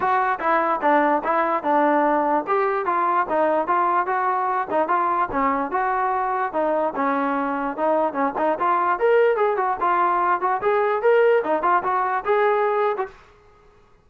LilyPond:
\new Staff \with { instrumentName = "trombone" } { \time 4/4 \tempo 4 = 147 fis'4 e'4 d'4 e'4 | d'2 g'4 f'4 | dis'4 f'4 fis'4. dis'8 | f'4 cis'4 fis'2 |
dis'4 cis'2 dis'4 | cis'8 dis'8 f'4 ais'4 gis'8 fis'8 | f'4. fis'8 gis'4 ais'4 | dis'8 f'8 fis'4 gis'4.~ gis'16 fis'16 | }